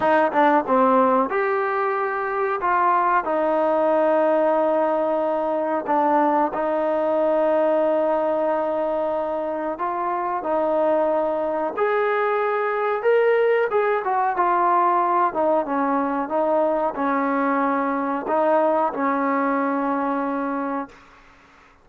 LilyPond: \new Staff \with { instrumentName = "trombone" } { \time 4/4 \tempo 4 = 92 dis'8 d'8 c'4 g'2 | f'4 dis'2.~ | dis'4 d'4 dis'2~ | dis'2. f'4 |
dis'2 gis'2 | ais'4 gis'8 fis'8 f'4. dis'8 | cis'4 dis'4 cis'2 | dis'4 cis'2. | }